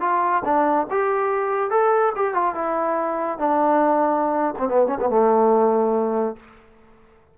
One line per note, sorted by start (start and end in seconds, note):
0.00 0.42 F4
0.44 0.87 D4
0.90 1.70 G4
1.70 2.12 A4
2.15 2.34 G4
2.34 2.54 F4
2.54 3.38 E4
3.38 4.54 D4
4.58 4.68 C4
4.68 4.87 B3
4.87 4.98 C#4
5.00 5.09 B3
5.09 6.36 A3